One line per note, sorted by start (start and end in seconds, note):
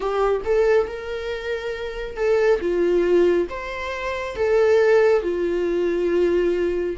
0.00 0.41 G4
0.44 0.87 A4
0.87 2.16 A#4
2.16 2.60 A4
2.60 3.47 F4
3.49 4.36 C5
4.36 5.22 A4
5.22 6.96 F4